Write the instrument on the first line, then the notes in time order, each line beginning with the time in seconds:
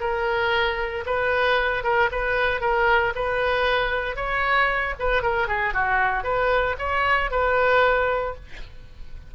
oboe
0.00 A#4
1.06 B4
1.84 A#4
2.12 B4
2.61 A#4
3.15 B4
4.16 C#5
4.99 B4
5.22 A#4
5.48 G#4
5.74 F#4
6.24 B4
6.78 C#5
7.31 B4